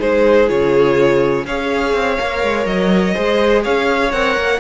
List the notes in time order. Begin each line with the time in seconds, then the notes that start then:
0.00 G#3 D#4 G#4 C5
0.48 C#3 F4 C#5
1.45 C#4 G#4 C#5 F5
1.94 C4
2.19 A#3 A#4
2.43 G#3
2.66 F#3 D#5
3.14 G#3 G#4 C5
3.63 C#4 C#5 F5
4.12 C4 A#4 F#5
4.37 A#3